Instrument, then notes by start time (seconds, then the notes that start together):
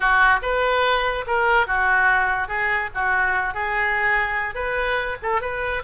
oboe
0.00 F#4
0.42 B4
1.26 A#4
1.66 F#4
2.48 G#4
2.94 F#4
3.53 G#4
4.54 B4
5.22 A4
5.41 B4